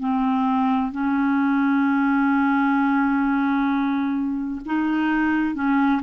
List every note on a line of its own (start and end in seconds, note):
0.00 0.92 C4
0.92 4.62 C#4
4.66 5.56 D#4
5.56 6.02 C#4